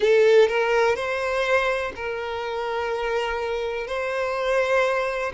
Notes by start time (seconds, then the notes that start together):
0.00 A4
0.48 A#4
0.95 C5
1.95 A#4
3.87 C5